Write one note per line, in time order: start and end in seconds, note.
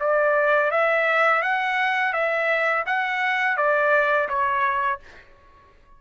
0.00 0.71 D5
0.71 1.42 E5
1.42 2.13 F#5
2.13 2.85 E5
2.87 3.57 F#5
3.57 4.29 D5
4.29 5.00 C#5